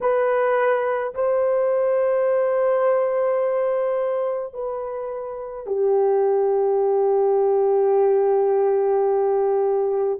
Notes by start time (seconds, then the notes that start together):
0.01 B4
1.14 C5
4.53 B4
5.66 G4